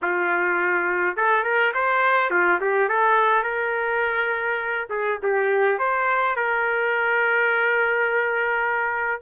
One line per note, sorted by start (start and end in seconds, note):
0.02 1.16 F4
1.16 1.43 A4
1.43 1.72 A#4
1.74 2.30 C5
2.30 2.59 F4
2.60 2.88 G4
2.88 3.43 A4
3.43 4.87 A#4
4.89 5.18 G#4
5.22 5.78 G4
5.78 6.36 C5
6.36 9.22 A#4